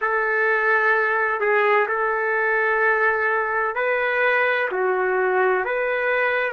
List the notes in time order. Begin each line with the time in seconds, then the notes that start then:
0.01 A4
1.40 G#4
1.87 A4
3.75 B4
4.71 F#4
5.65 B4